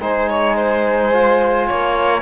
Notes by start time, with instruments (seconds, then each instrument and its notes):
0.00 cello G#3, trombone D#4, violin C5, flute G#5
0.29 violin C#5
0.56 violin C5
1.13 trombone F4
1.67 cello A#3, violin C#5